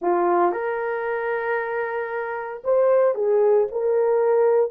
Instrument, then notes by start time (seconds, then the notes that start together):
horn
0.01 F4
0.52 A#4
2.63 C5
3.14 G#4
3.71 A#4